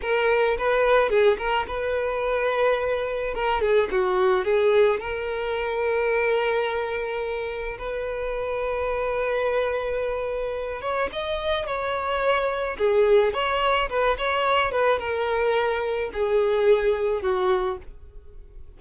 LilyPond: \new Staff \with { instrumentName = "violin" } { \time 4/4 \tempo 4 = 108 ais'4 b'4 gis'8 ais'8 b'4~ | b'2 ais'8 gis'8 fis'4 | gis'4 ais'2.~ | ais'2 b'2~ |
b'2.~ b'8 cis''8 | dis''4 cis''2 gis'4 | cis''4 b'8 cis''4 b'8 ais'4~ | ais'4 gis'2 fis'4 | }